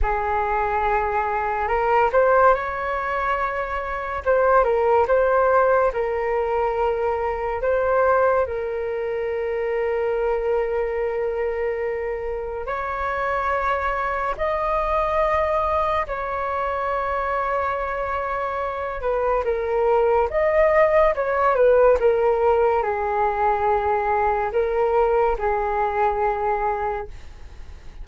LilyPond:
\new Staff \with { instrumentName = "flute" } { \time 4/4 \tempo 4 = 71 gis'2 ais'8 c''8 cis''4~ | cis''4 c''8 ais'8 c''4 ais'4~ | ais'4 c''4 ais'2~ | ais'2. cis''4~ |
cis''4 dis''2 cis''4~ | cis''2~ cis''8 b'8 ais'4 | dis''4 cis''8 b'8 ais'4 gis'4~ | gis'4 ais'4 gis'2 | }